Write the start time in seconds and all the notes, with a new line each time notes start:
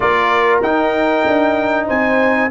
0.00 A#3 F4 A#4 D5
0.62 D#4 G5
1.26 D4
1.86 C4 C5 G#5